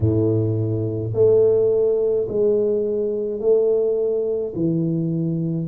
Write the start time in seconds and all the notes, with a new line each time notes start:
0.00 A2
1.14 A3
2.28 G#3
3.40 A3
4.55 E3